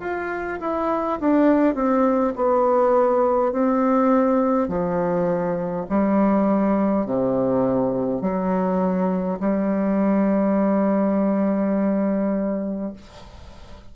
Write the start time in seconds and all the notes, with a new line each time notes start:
0.00 F4
0.60 E4
1.20 D4
1.75 C4
2.36 B3
3.52 C4
4.68 F3
5.89 G3
7.06 C3
8.21 F#3
9.40 G3